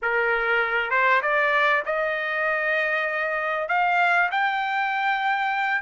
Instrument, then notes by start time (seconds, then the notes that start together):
trumpet
0.02 A#4
0.90 C5
1.22 D5
1.85 D#5
3.68 F5
4.31 G5